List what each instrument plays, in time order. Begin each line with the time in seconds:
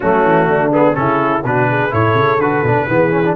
0.00 tuba F#3, trombone A3, horn C#4, trumpet F#4
0.23 tuba E3
0.47 tuba D3, horn D4
0.72 trombone B3, trumpet G#4
0.94 tuba C#3, trombone C#4, horn E4, trumpet A4
1.43 tuba B2, trombone D4, horn F#4, trumpet B4
1.69 horn G#4
1.90 tuba A2, trombone E4, horn A4, trumpet C#5
2.14 tuba C#3
2.38 tuba D3, trombone F#4, trumpet B4
2.63 tuba B2, trombone D4
2.87 tuba E3, trombone B3, horn G#4
3.10 trombone C#4
3.25 trombone D4